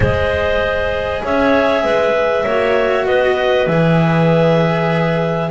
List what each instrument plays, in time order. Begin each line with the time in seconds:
0.00 double bass G#3, cello G#4, clarinet C5 D#5
1.24 double bass C#4, clarinet C#5 E5
1.83 double bass G#3, clarinet B4
2.44 double bass A#3, cello F#4, clarinet C#5
3.05 double bass B3, clarinet B4 D#5
3.66 double bass E3, cello G#4, clarinet E5